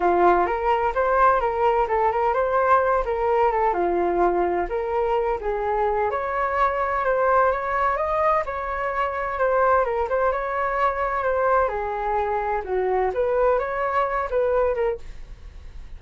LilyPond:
\new Staff \with { instrumentName = "flute" } { \time 4/4 \tempo 4 = 128 f'4 ais'4 c''4 ais'4 | a'8 ais'8 c''4. ais'4 a'8 | f'2 ais'4. gis'8~ | gis'4 cis''2 c''4 |
cis''4 dis''4 cis''2 | c''4 ais'8 c''8 cis''2 | c''4 gis'2 fis'4 | b'4 cis''4. b'4 ais'8 | }